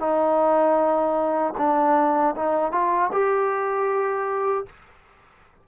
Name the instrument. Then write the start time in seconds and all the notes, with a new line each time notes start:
trombone
0.00 D#4
1.58 D4
2.36 D#4
2.72 F4
3.13 G4